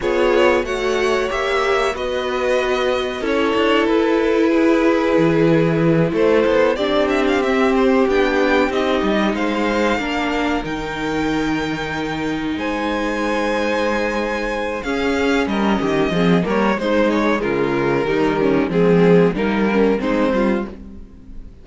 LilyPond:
<<
  \new Staff \with { instrumentName = "violin" } { \time 4/4 \tempo 4 = 93 cis''4 fis''4 e''4 dis''4~ | dis''4 cis''4 b'2~ | b'4. c''4 d''8 e''16 f''16 e''8 | c''8 g''4 dis''4 f''4.~ |
f''8 g''2. gis''8~ | gis''2. f''4 | dis''4. cis''8 c''8 cis''8 ais'4~ | ais'4 gis'4 ais'4 c''4 | }
  \new Staff \with { instrumentName = "violin" } { \time 4/4 gis'4 cis''2 b'4~ | b'4 a'2 gis'4~ | gis'4. a'4 g'4.~ | g'2~ g'8 c''4 ais'8~ |
ais'2.~ ais'8 c''8~ | c''2. gis'4 | ais'8 g'8 gis'8 ais'8 dis'4 f'4 | dis'8 cis'8 c'4 ais4 dis'8 f'8 | }
  \new Staff \with { instrumentName = "viola" } { \time 4/4 f'4 fis'4 g'4 fis'4~ | fis'4 e'2.~ | e'2~ e'8 d'4 c'8~ | c'8 d'4 dis'2 d'8~ |
d'8 dis'2.~ dis'8~ | dis'2. cis'4~ | cis'4 c'8 ais8 gis2 | g4 gis4 dis'8 cis'8 c'4 | }
  \new Staff \with { instrumentName = "cello" } { \time 4/4 b4 a4 ais4 b4~ | b4 cis'8 d'8 e'2 | e4. a8 b8 c'4.~ | c'8 b4 c'8 g8 gis4 ais8~ |
ais8 dis2. gis8~ | gis2. cis'4 | g8 dis8 f8 g8 gis4 cis4 | dis4 f4 g4 gis8 g8 | }
>>